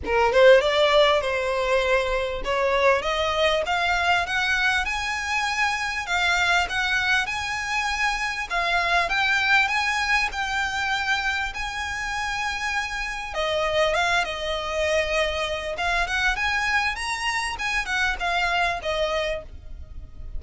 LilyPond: \new Staff \with { instrumentName = "violin" } { \time 4/4 \tempo 4 = 99 ais'8 c''8 d''4 c''2 | cis''4 dis''4 f''4 fis''4 | gis''2 f''4 fis''4 | gis''2 f''4 g''4 |
gis''4 g''2 gis''4~ | gis''2 dis''4 f''8 dis''8~ | dis''2 f''8 fis''8 gis''4 | ais''4 gis''8 fis''8 f''4 dis''4 | }